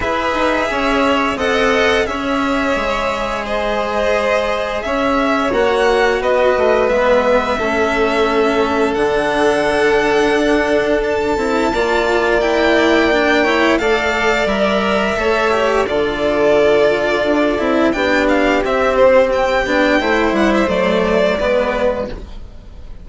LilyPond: <<
  \new Staff \with { instrumentName = "violin" } { \time 4/4 \tempo 4 = 87 e''2 fis''4 e''4~ | e''4 dis''2 e''4 | fis''4 dis''4 e''2~ | e''4 fis''2. |
a''2 g''2 | f''4 e''2 d''4~ | d''2 g''8 f''8 e''8 c''8 | g''4. fis''16 e''16 d''2 | }
  \new Staff \with { instrumentName = "violin" } { \time 4/4 b'4 cis''4 dis''4 cis''4~ | cis''4 c''2 cis''4~ | cis''4 b'2 a'4~ | a'1~ |
a'4 d''2~ d''8 cis''8 | d''2 cis''4 a'4~ | a'2 g'2~ | g'4 c''2 b'4 | }
  \new Staff \with { instrumentName = "cello" } { \time 4/4 gis'2 a'4 gis'4~ | gis'1 | fis'2 b4 cis'4~ | cis'4 d'2.~ |
d'8 e'8 f'4 e'4 d'8 e'8 | a'4 ais'4 a'8 g'8 f'4~ | f'4. e'8 d'4 c'4~ | c'8 d'8 e'4 a4 b4 | }
  \new Staff \with { instrumentName = "bassoon" } { \time 4/4 e'8 dis'8 cis'4 c'4 cis'4 | gis2. cis'4 | ais4 b8 a8 gis4 a4~ | a4 d2 d'4~ |
d'8 c'8 ais2. | a4 g4 a4 d4~ | d4 d'8 c'8 b4 c'4~ | c'8 b8 a8 g8 fis4 gis4 | }
>>